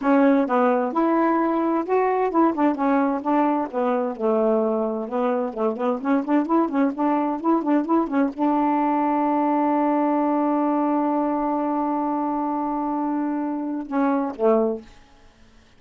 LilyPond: \new Staff \with { instrumentName = "saxophone" } { \time 4/4 \tempo 4 = 130 cis'4 b4 e'2 | fis'4 e'8 d'8 cis'4 d'4 | b4 a2 b4 | a8 b8 cis'8 d'8 e'8 cis'8 d'4 |
e'8 d'8 e'8 cis'8 d'2~ | d'1~ | d'1~ | d'2 cis'4 a4 | }